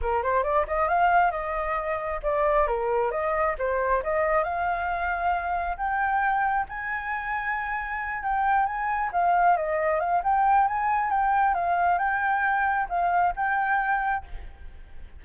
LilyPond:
\new Staff \with { instrumentName = "flute" } { \time 4/4 \tempo 4 = 135 ais'8 c''8 d''8 dis''8 f''4 dis''4~ | dis''4 d''4 ais'4 dis''4 | c''4 dis''4 f''2~ | f''4 g''2 gis''4~ |
gis''2~ gis''8 g''4 gis''8~ | gis''8 f''4 dis''4 f''8 g''4 | gis''4 g''4 f''4 g''4~ | g''4 f''4 g''2 | }